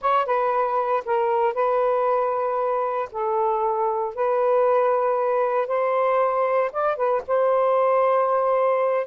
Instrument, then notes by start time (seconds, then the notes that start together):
saxophone
0.01 C#5
0.26 B4
1.05 A#4
1.54 B4
3.11 A4
4.14 B4
5.67 C5
6.72 D5
6.96 B4
7.27 C5